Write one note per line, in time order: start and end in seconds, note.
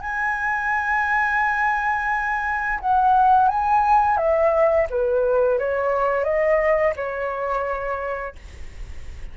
0.00 2.79 G#5
2.79 3.48 F#5
3.48 4.17 G#5
4.17 4.86 E5
4.90 5.58 B4
5.58 6.24 C#5
6.24 6.94 D#5
6.95 8.35 C#5